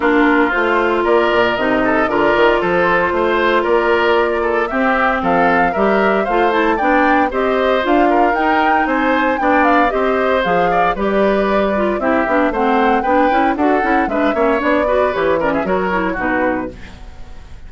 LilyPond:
<<
  \new Staff \with { instrumentName = "flute" } { \time 4/4 \tempo 4 = 115 ais'4 c''4 d''4 dis''4 | d''4 c''2 d''4~ | d''4 e''4 f''4 e''4 | f''8 a''8 g''4 dis''4 f''4 |
g''4 gis''4 g''8 f''8 dis''4 | f''4 d''2 e''4 | fis''4 g''4 fis''4 e''4 | d''4 cis''8 d''16 e''16 cis''4 b'4 | }
  \new Staff \with { instrumentName = "oboe" } { \time 4/4 f'2 ais'4. a'8 | ais'4 a'4 c''4 ais'4~ | ais'8 a'8 g'4 a'4 ais'4 | c''4 d''4 c''4. ais'8~ |
ais'4 c''4 d''4 c''4~ | c''8 d''8 b'2 g'4 | c''4 b'4 a'4 b'8 cis''8~ | cis''8 b'4 ais'16 gis'16 ais'4 fis'4 | }
  \new Staff \with { instrumentName = "clarinet" } { \time 4/4 d'4 f'2 dis'4 | f'1~ | f'4 c'2 g'4 | f'8 e'8 d'4 g'4 f'4 |
dis'2 d'4 g'4 | gis'4 g'4. f'8 e'8 d'8 | c'4 d'8 e'8 fis'8 e'8 d'8 cis'8 | d'8 fis'8 g'8 cis'8 fis'8 e'8 dis'4 | }
  \new Staff \with { instrumentName = "bassoon" } { \time 4/4 ais4 a4 ais8 ais,8 c4 | d8 dis8 f4 a4 ais4~ | ais4 c'4 f4 g4 | a4 b4 c'4 d'4 |
dis'4 c'4 b4 c'4 | f4 g2 c'8 b8 | a4 b8 cis'8 d'8 cis'8 gis8 ais8 | b4 e4 fis4 b,4 | }
>>